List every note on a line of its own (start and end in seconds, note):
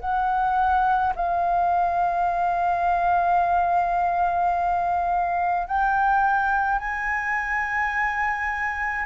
0.00 1.13 F#5
1.15 5.67 F5
5.67 6.79 G5
6.79 9.05 G#5